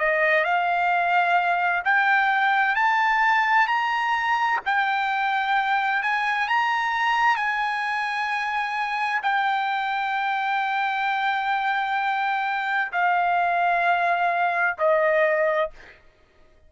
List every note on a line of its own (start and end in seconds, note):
0.00 0.44 D#5
0.44 1.83 F5
1.85 2.76 G5
2.76 3.68 A5
3.68 4.60 A#5
4.66 6.03 G5
6.03 6.49 G#5
6.49 7.36 A#5
7.36 9.21 G#5
9.23 12.92 G5
12.93 14.77 F5
14.79 15.71 D#5